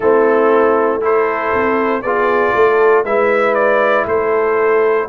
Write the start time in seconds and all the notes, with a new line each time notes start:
0.00 A3 C4 E4 A4
1.00 E4 A4 C5
1.53 C4
2.01 B3 F4 G#4 D5
2.54 A3 A4
3.04 G#3 E4 B4 E5
3.54 D5
4.06 A3 A4 C5